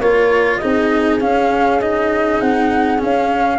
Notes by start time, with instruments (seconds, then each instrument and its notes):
0.00 tuba A#3, cello F4, horn A#4, flute C#5
0.57 cello D#4, horn G#4, flute D#5
0.63 tuba C4
1.20 cello C#4, tuba C#4, flute F5
1.81 cello D#4, flute D#5
2.41 tuba C4, flute F#5
2.98 cello C#4, tuba C#4, flute F5